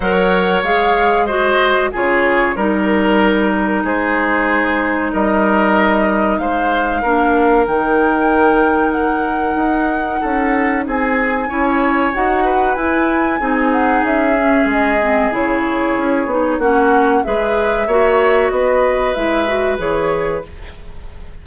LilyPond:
<<
  \new Staff \with { instrumentName = "flute" } { \time 4/4 \tempo 4 = 94 fis''4 f''4 dis''4 cis''4 | ais'2 c''2 | dis''2 f''2 | g''2 fis''2~ |
fis''4 gis''2 fis''4 | gis''4. fis''8 e''4 dis''4 | cis''2 fis''4 e''4~ | e''4 dis''4 e''4 cis''4 | }
  \new Staff \with { instrumentName = "oboe" } { \time 4/4 cis''2 c''4 gis'4 | ais'2 gis'2 | ais'2 c''4 ais'4~ | ais'1 |
a'4 gis'4 cis''4. b'8~ | b'4 gis'2.~ | gis'2 fis'4 b'4 | cis''4 b'2. | }
  \new Staff \with { instrumentName = "clarinet" } { \time 4/4 ais'4 gis'4 fis'4 f'4 | dis'1~ | dis'2. d'4 | dis'1~ |
dis'2 e'4 fis'4 | e'4 dis'4. cis'4 c'8 | e'4. dis'8 cis'4 gis'4 | fis'2 e'8 fis'8 gis'4 | }
  \new Staff \with { instrumentName = "bassoon" } { \time 4/4 fis4 gis2 cis4 | g2 gis2 | g2 gis4 ais4 | dis2. dis'4 |
cis'4 c'4 cis'4 dis'4 | e'4 c'4 cis'4 gis4 | cis4 cis'8 b8 ais4 gis4 | ais4 b4 gis4 e4 | }
>>